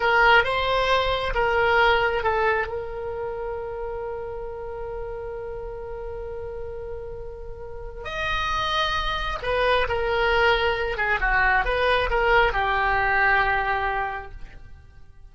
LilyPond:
\new Staff \with { instrumentName = "oboe" } { \time 4/4 \tempo 4 = 134 ais'4 c''2 ais'4~ | ais'4 a'4 ais'2~ | ais'1~ | ais'1~ |
ais'2 dis''2~ | dis''4 b'4 ais'2~ | ais'8 gis'8 fis'4 b'4 ais'4 | g'1 | }